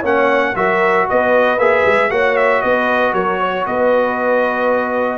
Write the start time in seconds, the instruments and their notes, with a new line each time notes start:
0.00 tuba A#3, trombone C#4, horn C#5, trumpet F#5
0.55 tuba F#3, trombone F#4, horn A#4, trumpet E5
1.09 tuba B3, horn B4, trumpet D#5
1.58 tuba A#3, trombone G#4, trumpet E5
1.86 tuba G#3
2.10 tuba A#3, trombone F#4, horn C#5, trumpet F#5
2.36 trumpet E5
2.62 tuba B3, horn B4, trumpet D#5
3.13 tuba F#3, horn A#4, trumpet C#5
3.40 horn C#5
3.66 tuba B3, horn B4, trumpet D#5